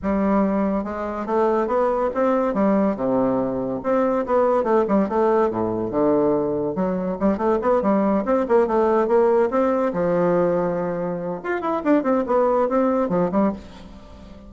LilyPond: \new Staff \with { instrumentName = "bassoon" } { \time 4/4 \tempo 4 = 142 g2 gis4 a4 | b4 c'4 g4 c4~ | c4 c'4 b4 a8 g8 | a4 a,4 d2 |
fis4 g8 a8 b8 g4 c'8 | ais8 a4 ais4 c'4 f8~ | f2. f'8 e'8 | d'8 c'8 b4 c'4 f8 g8 | }